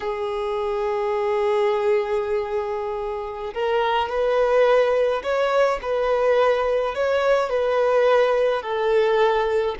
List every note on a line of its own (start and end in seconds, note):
0.00 3.53 G#4
3.54 4.09 A#4
4.09 5.22 B4
5.23 5.79 C#5
5.82 6.95 B4
6.95 7.49 C#5
7.49 8.62 B4
8.62 9.75 A4